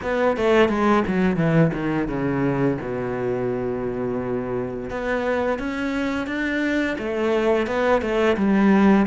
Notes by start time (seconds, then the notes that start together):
0.02 B3
0.36 A3
0.68 G#3
1.07 F#3
1.36 E3
1.73 D#3
2.07 C#3
2.81 B2
4.90 B3
5.58 C#4
6.26 D4
6.98 A3
7.66 B3
8.01 A3
8.36 G3